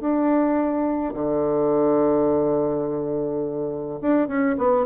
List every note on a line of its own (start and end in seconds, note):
0.00 1.14 D4
1.14 3.99 D3
4.01 4.27 D4
4.27 4.56 C#4
4.57 4.86 B3